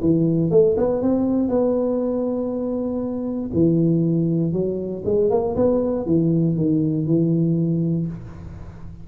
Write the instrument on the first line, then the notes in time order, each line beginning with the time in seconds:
tuba
0.00 E3
0.50 A3
0.77 B3
1.01 C4
1.48 B3
3.53 E3
4.52 F#3
5.05 G#3
5.30 A#3
5.56 B3
6.05 E3
6.56 D#3
7.06 E3